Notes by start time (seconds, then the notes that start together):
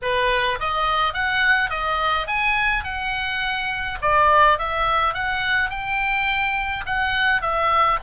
0.02 B4
0.59 D#5
1.13 F#5
1.70 D#5
2.27 G#5
2.84 F#5
4.01 D5
4.58 E5
5.14 F#5
5.70 G5
6.85 F#5
7.41 E5